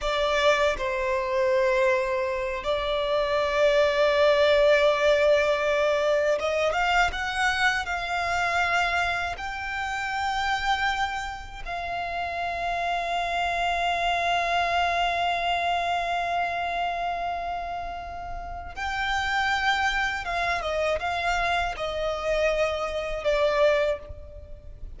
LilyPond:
\new Staff \with { instrumentName = "violin" } { \time 4/4 \tempo 4 = 80 d''4 c''2~ c''8 d''8~ | d''1~ | d''8 dis''8 f''8 fis''4 f''4.~ | f''8 g''2. f''8~ |
f''1~ | f''1~ | f''4 g''2 f''8 dis''8 | f''4 dis''2 d''4 | }